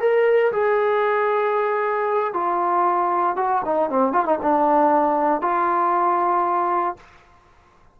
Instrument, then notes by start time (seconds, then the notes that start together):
trombone
0.00 A#4
0.52 G#4
2.33 F4
3.36 F#4
3.65 D#4
3.90 C4
4.12 F4
4.25 D#4
4.42 D4
5.41 F4